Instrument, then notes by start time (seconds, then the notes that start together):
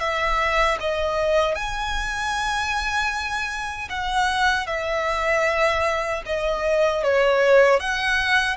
violin
0.00 E5
0.80 D#5
1.55 G#5
3.90 F#5
4.67 E5
6.26 D#5
7.03 C#5
7.80 F#5